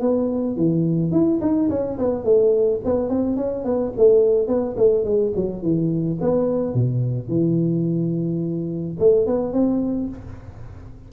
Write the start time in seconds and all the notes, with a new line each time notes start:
0.00 B3
0.56 E3
1.11 E4
1.41 D#4
1.69 C#4
1.98 B3
2.24 A3
2.84 B3
3.09 C4
3.36 C#4
3.64 B3
3.97 A3
4.47 B3
4.77 A3
5.04 G#3
5.36 F#3
5.62 E3
6.20 B3
6.74 B2
7.28 E3
8.99 A3
9.26 B3
9.53 C4